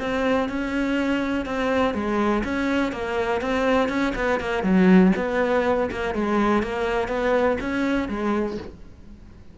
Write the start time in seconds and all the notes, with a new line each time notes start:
0.00 C4
0.49 C#4
1.46 C4
1.94 G#3
2.44 C#4
2.92 A#3
3.41 C4
3.89 C#4
4.16 B3
4.40 A#3
4.63 F#3
5.16 B3
5.92 A#3
6.15 G#3
6.63 A#3
7.08 B3
7.61 C#4
8.09 G#3